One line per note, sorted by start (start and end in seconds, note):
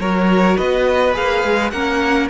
0.00 0.57 F#3
0.00 1.13 F#4
0.00 0.58 A#4
0.00 0.58 C#5
0.58 1.17 B3
0.58 1.72 B4
0.58 1.15 D#5
1.13 1.44 A#3
1.13 1.70 G#4
1.13 1.71 F5
1.44 1.73 G#3
1.71 2.30 A#3
1.71 2.30 C#4
1.71 2.30 A#4
1.71 2.28 F#5